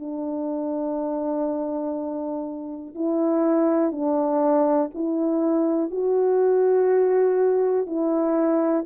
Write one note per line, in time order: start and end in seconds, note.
0.00 2.95 D4
2.95 3.92 E4
3.92 4.90 D4
4.95 5.91 E4
5.91 7.87 F#4
7.87 8.85 E4